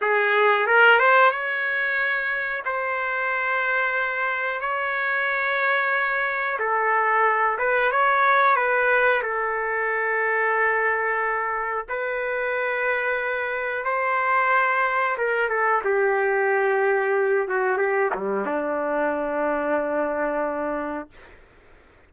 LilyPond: \new Staff \with { instrumentName = "trumpet" } { \time 4/4 \tempo 4 = 91 gis'4 ais'8 c''8 cis''2 | c''2. cis''4~ | cis''2 a'4. b'8 | cis''4 b'4 a'2~ |
a'2 b'2~ | b'4 c''2 ais'8 a'8 | g'2~ g'8 fis'8 g'8 g8 | d'1 | }